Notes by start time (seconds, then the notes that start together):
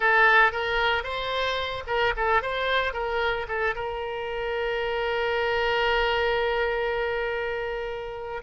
0.00 A4
0.52 A#4
1.03 C5
1.86 A#4
2.16 A4
2.42 C5
2.93 A#4
3.47 A4
3.75 A#4